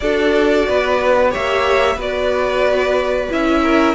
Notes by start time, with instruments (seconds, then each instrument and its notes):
0.00 cello D4, viola F#4, violin A4 D5
0.67 cello B3, violin B4
1.29 cello A#3, viola G4, violin C#5 E5
1.95 cello B3, viola F#4, violin B4 D5
3.30 cello C#4, viola E4, violin E5
3.62 violin A#4